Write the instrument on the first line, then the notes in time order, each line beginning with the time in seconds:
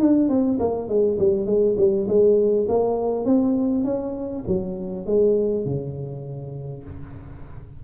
tuba
0.00 D4
0.29 C4
0.59 A#3
0.88 G#3
1.19 G3
1.46 G#3
1.78 G3
2.08 G#3
2.68 A#3
3.25 C4
3.85 C#4
4.47 F#3
5.06 G#3
5.65 C#3